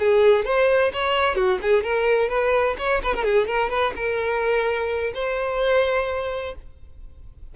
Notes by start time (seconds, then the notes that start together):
0.00 G#4
0.46 C5
0.93 C#5
1.36 F#4
1.62 G#4
1.84 A#4
2.30 B4
2.79 C#5
3.04 B4
3.15 A#4
3.25 G#4
3.48 A#4
3.70 B4
3.96 A#4
5.15 C5